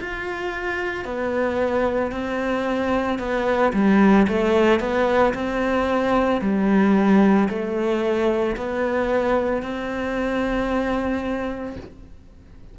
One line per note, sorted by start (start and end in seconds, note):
0.00 1.04 F4
1.04 2.11 B3
2.11 3.19 C4
3.19 3.72 B3
3.73 4.27 G3
4.27 4.80 A3
4.80 5.33 B3
5.34 6.41 C4
6.41 7.48 G3
7.49 8.56 A3
8.56 9.62 B3
9.62 11.76 C4